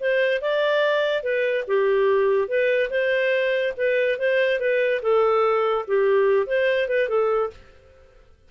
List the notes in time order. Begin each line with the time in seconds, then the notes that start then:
0.00 C5
0.41 D5
1.23 B4
1.67 G4
2.48 B4
2.90 C5
3.77 B4
4.19 C5
4.60 B4
5.02 A4
5.87 G4
6.47 C5
6.88 B4
7.09 A4